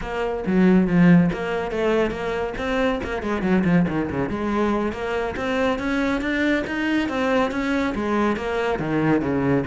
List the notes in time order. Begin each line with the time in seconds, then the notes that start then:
0.01 A#3
0.46 F#3
0.87 F3
1.32 A#3
1.71 A3
2.10 A#3
2.57 C4
3.03 A#3
3.22 G#3
3.42 F#3
3.64 F3
3.88 D#3
4.10 C#3
4.29 G#3
4.92 A#3
5.36 C4
5.79 C#4
6.21 D4
6.66 D#4
7.09 C4
7.51 C#4
7.95 G#3
8.36 A#3
8.79 D#3
9.21 C#3